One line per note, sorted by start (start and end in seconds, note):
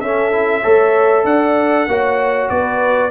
0.00 0.64 C#4
0.00 0.32 C#4
0.00 0.62 A4
0.00 1.25 E5
0.32 0.63 E4
0.62 1.24 A3
0.62 1.88 A4
0.62 1.24 C#5
1.24 1.86 D4
1.24 1.88 D5
1.24 2.49 F#5
1.87 2.50 A#3
1.87 3.10 F#4
1.87 2.51 C#5
2.49 3.10 B3
2.49 3.10 B4
2.49 3.10 D5